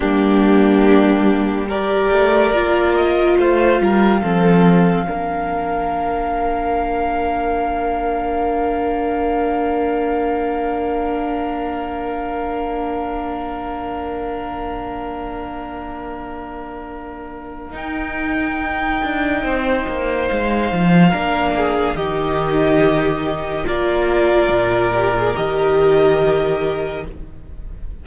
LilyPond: <<
  \new Staff \with { instrumentName = "violin" } { \time 4/4 \tempo 4 = 71 g'2 d''4. dis''8 | f''1~ | f''1~ | f''1~ |
f''1~ | f''4 g''2. | f''2 dis''2 | d''2 dis''2 | }
  \new Staff \with { instrumentName = "violin" } { \time 4/4 d'2 ais'2 | c''8 ais'8 a'4 ais'2~ | ais'1~ | ais'1~ |
ais'1~ | ais'2. c''4~ | c''4 ais'8 gis'8 g'2 | ais'1 | }
  \new Staff \with { instrumentName = "viola" } { \time 4/4 ais2 g'4 f'4~ | f'4 c'4 d'2~ | d'1~ | d'1~ |
d'1~ | d'4 dis'2.~ | dis'4 d'4 dis'2 | f'4. g'16 gis'16 g'2 | }
  \new Staff \with { instrumentName = "cello" } { \time 4/4 g2~ g8 a8 ais4 | a8 g8 f4 ais2~ | ais1~ | ais1~ |
ais1~ | ais4 dis'4. d'8 c'8 ais8 | gis8 f8 ais4 dis2 | ais4 ais,4 dis2 | }
>>